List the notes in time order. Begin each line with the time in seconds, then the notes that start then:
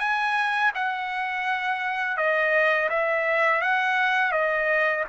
0.00 G#5
0.75 F#5
2.17 D#5
2.90 E5
3.62 F#5
4.32 D#5